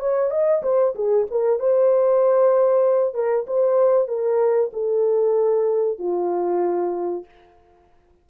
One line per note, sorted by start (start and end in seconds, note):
0.00 0.31 C#5
0.31 0.62 D#5
0.63 0.94 C5
0.95 1.27 G#4
1.31 1.60 A#4
1.60 3.14 C5
3.14 3.46 A#4
3.47 4.08 C5
4.08 4.71 A#4
4.73 5.99 A4
5.99 7.25 F4